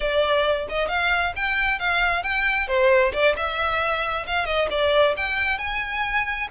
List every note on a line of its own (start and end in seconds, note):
0.00 0.67 D5
0.68 0.88 D#5
0.88 1.33 F5
1.36 1.79 G5
1.79 2.23 F5
2.23 2.67 G5
2.67 3.12 C5
3.12 3.35 D5
3.36 4.26 E5
4.26 4.45 F5
4.45 4.68 D#5
4.70 5.15 D5
5.16 5.58 G5
5.58 6.48 G#5